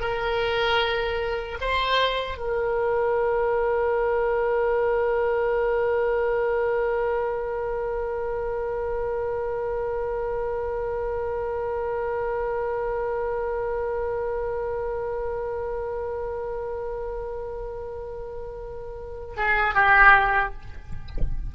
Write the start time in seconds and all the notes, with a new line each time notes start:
0.00 A#4
1.61 C5
2.38 A#4
19.37 G#4
19.74 G4